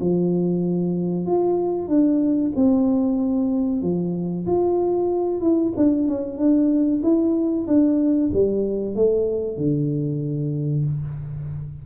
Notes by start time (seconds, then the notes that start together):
0.00 F3
1.26 F4
1.87 D4
2.55 C4
3.82 F3
4.46 F4
5.41 E4
5.76 D4
6.08 C#4
6.37 D4
7.02 E4
7.67 D4
8.33 G3
8.95 A3
9.57 D3